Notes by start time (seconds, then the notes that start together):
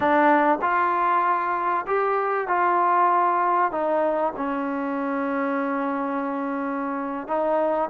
0.00 D4
0.61 F4
1.86 G4
2.47 F4
3.71 D#4
4.36 C#4
7.27 D#4